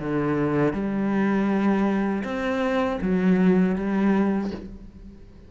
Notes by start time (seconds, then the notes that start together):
0.00 D3
0.74 G3
2.24 C4
3.01 F#3
3.76 G3